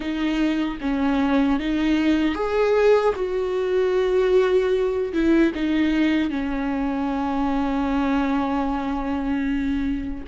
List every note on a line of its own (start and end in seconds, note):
0.00 0.78 D#4
0.80 1.59 C#4
1.59 2.35 D#4
2.35 3.14 G#4
3.15 5.12 F#4
5.13 5.52 E4
5.54 6.29 D#4
6.29 10.24 C#4